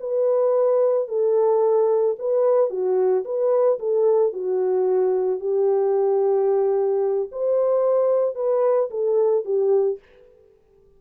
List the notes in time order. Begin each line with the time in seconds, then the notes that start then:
0.00 B4
1.08 A4
2.19 B4
2.70 F#4
3.25 B4
3.79 A4
4.33 F#4
5.40 G4
7.31 C5
8.35 B4
8.90 A4
9.44 G4